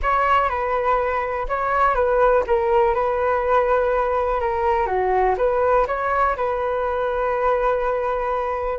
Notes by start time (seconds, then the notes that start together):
0.02 C#5
0.49 B4
1.48 C#5
1.94 B4
2.46 A#4
2.94 B4
4.40 A#4
4.86 F#4
5.37 B4
5.87 C#5
6.36 B4